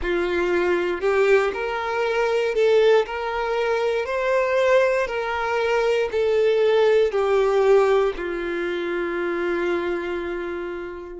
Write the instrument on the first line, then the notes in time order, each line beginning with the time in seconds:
violin
0.01 F4
1.00 G4
1.53 A#4
2.54 A4
3.06 A#4
4.05 C5
5.07 A#4
6.11 A4
7.11 G4
8.16 F4